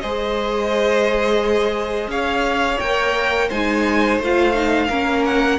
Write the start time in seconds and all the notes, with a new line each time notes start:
0.00 G#3 G#4 C5 D#5
2.07 C#4 C#5 F5
2.79 A#3 A#4 G5
3.48 G#3 D#4 C5 G#5
4.18 A3 F4 F5
4.54 D#4
4.89 A#3 C#4 A#4
5.25 F#5